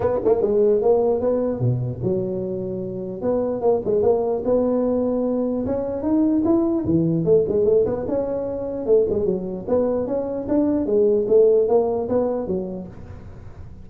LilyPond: \new Staff \with { instrumentName = "tuba" } { \time 4/4 \tempo 4 = 149 b8 ais8 gis4 ais4 b4 | b,4 fis2. | b4 ais8 gis8 ais4 b4~ | b2 cis'4 dis'4 |
e'4 e4 a8 gis8 a8 b8 | cis'2 a8 gis8 fis4 | b4 cis'4 d'4 gis4 | a4 ais4 b4 fis4 | }